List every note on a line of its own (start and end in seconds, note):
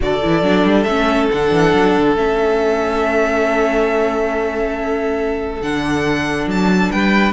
0.00 0.23 D3
0.00 0.21 F#4
0.00 6.91 A4
0.00 0.83 D5
0.21 0.42 E3
0.21 0.42 E4
0.42 0.64 F#3
0.42 0.86 D4
0.64 0.85 G3
0.83 1.28 A3
0.83 1.31 C#4
0.83 1.26 E5
1.31 1.51 D3
1.31 2.16 D4
1.31 2.16 F#5
1.51 1.73 E3
1.74 1.95 F#3
1.97 2.15 D3
2.15 5.61 A3
2.15 5.62 C#4
2.15 5.61 E5
5.61 6.46 D3
5.61 7.32 D4
5.61 6.48 F#5
6.46 6.90 F#3
6.46 6.91 A5
6.91 7.32 G3
6.91 7.32 B4
6.91 7.32 G5